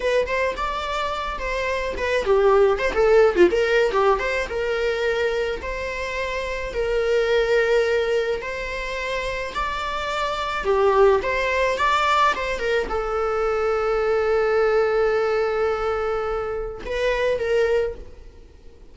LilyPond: \new Staff \with { instrumentName = "viola" } { \time 4/4 \tempo 4 = 107 b'8 c''8 d''4. c''4 b'8 | g'4 c''16 a'8. f'16 ais'8. g'8 c''8 | ais'2 c''2 | ais'2. c''4~ |
c''4 d''2 g'4 | c''4 d''4 c''8 ais'8 a'4~ | a'1~ | a'2 b'4 ais'4 | }